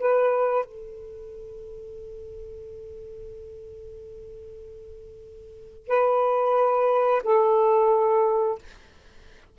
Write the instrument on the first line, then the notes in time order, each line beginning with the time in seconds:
saxophone
0.00 B4
0.65 A4
5.88 B4
7.24 A4